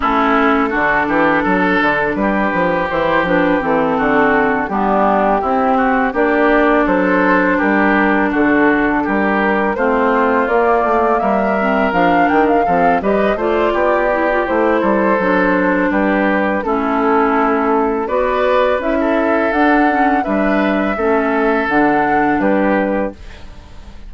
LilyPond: <<
  \new Staff \with { instrumentName = "flute" } { \time 4/4 \tempo 4 = 83 a'2. b'4 | c''8 b'8 a'4. g'4.~ | g'8 d''4 c''4 ais'4 a'8~ | a'8 ais'4 c''4 d''4 e''8~ |
e''8 f''8 g''16 f''8. dis''8 d''4. | c''2 b'4 a'4~ | a'4 d''4 e''4 fis''4 | e''2 fis''4 b'4 | }
  \new Staff \with { instrumentName = "oboe" } { \time 4/4 e'4 fis'8 g'8 a'4 g'4~ | g'4. fis'4 d'4 e'8 | fis'8 g'4 a'4 g'4 fis'8~ | fis'8 g'4 f'2 ais'8~ |
ais'4. a'8 b'8 c''8 g'4~ | g'8 a'4. g'4 e'4~ | e'4 b'4~ b'16 a'4.~ a'16 | b'4 a'2 g'4 | }
  \new Staff \with { instrumentName = "clarinet" } { \time 4/4 cis'4 d'2. | e'8 d'8 c'4. b4 c'8~ | c'8 d'2.~ d'8~ | d'4. c'4 ais4. |
c'8 d'4 c'8 g'8 f'4 e'16 f'16 | e'4 d'2 cis'4~ | cis'4 fis'4 e'4 d'8 cis'8 | d'4 cis'4 d'2 | }
  \new Staff \with { instrumentName = "bassoon" } { \time 4/4 a4 d8 e8 fis8 d8 g8 f8 | e8 f8 e8 d4 g4 c'8~ | c'8 ais4 fis4 g4 d8~ | d8 g4 a4 ais8 a8 g8~ |
g8 f8 dis8 f8 g8 a8 b4 | a8 g8 fis4 g4 a4~ | a4 b4 cis'4 d'4 | g4 a4 d4 g4 | }
>>